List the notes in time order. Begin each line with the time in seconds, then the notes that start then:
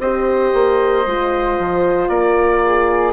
0.00 C4 G4 C5 D#5
0.54 A#3
1.06 G#3 F4
1.59 F3
2.09 A#3 A#4 D5
2.66 G#4